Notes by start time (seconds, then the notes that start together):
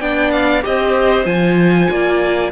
0.00 B3 D4 D5 G5
0.32 F5
0.62 C4 G4 C5 D#5
1.25 F3 F4 G#5
1.90 A#3 D5